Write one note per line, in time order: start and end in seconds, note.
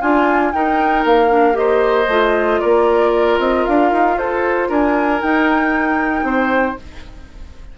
0.00 0.53 D4
0.00 0.52 F4
0.00 0.53 F4
0.00 0.52 G#5
0.52 1.04 D#4
0.52 1.29 D#4
0.52 1.58 A#4
0.52 1.04 G5
1.04 2.07 A#3
1.04 1.56 F5
1.29 1.53 D4
1.53 2.05 G4
1.53 2.61 C5
1.53 2.60 D#5
2.07 2.60 A3
2.07 5.20 F4
2.60 3.38 A#3
2.60 4.17 A#4
2.60 3.38 D5
3.38 3.64 C4
3.38 3.65 D#5
3.65 3.92 D4
3.65 4.17 F5
3.92 4.16 D#4
4.16 4.68 F4
4.16 4.69 A4
4.16 4.70 C5
4.69 5.21 D4
4.69 6.25 A#4
4.69 5.21 G#5
5.20 6.77 D#4
5.20 6.23 D#4
5.20 6.78 G5
6.23 6.75 C4
6.23 6.77 C5